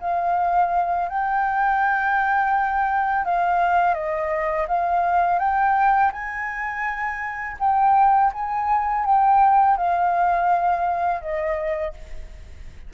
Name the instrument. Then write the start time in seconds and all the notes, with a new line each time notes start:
flute
0.00 F5
1.08 G5
3.25 F5
3.94 D#5
4.68 F5
5.39 G5
6.12 G#5
7.59 G5
8.33 G#5
9.05 G5
9.77 F5
11.21 D#5